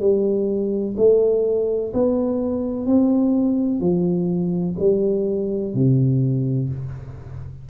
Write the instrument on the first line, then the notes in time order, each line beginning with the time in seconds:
tuba
0.00 G3
0.97 A3
1.94 B3
2.87 C4
3.81 F3
4.79 G3
5.74 C3